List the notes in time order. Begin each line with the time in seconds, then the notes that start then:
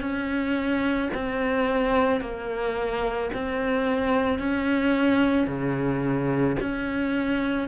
0.00 C#4
1.14 C4
2.21 A#3
3.34 C4
4.39 C#4
5.47 C#3
6.60 C#4